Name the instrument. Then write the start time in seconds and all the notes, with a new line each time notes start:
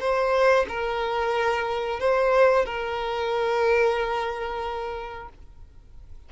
violin
0.00 C5
0.69 A#4
2.00 C5
2.65 A#4